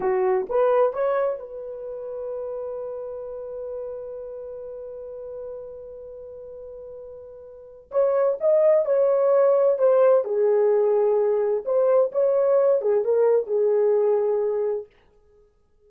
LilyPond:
\new Staff \with { instrumentName = "horn" } { \time 4/4 \tempo 4 = 129 fis'4 b'4 cis''4 b'4~ | b'1~ | b'1~ | b'1~ |
b'4 cis''4 dis''4 cis''4~ | cis''4 c''4 gis'2~ | gis'4 c''4 cis''4. gis'8 | ais'4 gis'2. | }